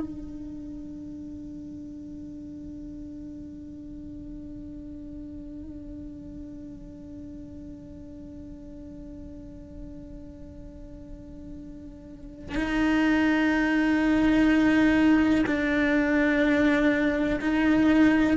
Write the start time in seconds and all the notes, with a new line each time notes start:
0.00 D4
12.55 D#4
15.47 D4
17.41 D#4